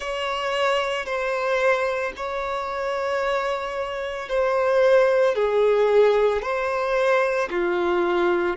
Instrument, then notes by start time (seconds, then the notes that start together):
violin
0.00 C#5
1.05 C5
2.16 C#5
4.29 C5
5.35 G#4
6.42 C5
7.50 F4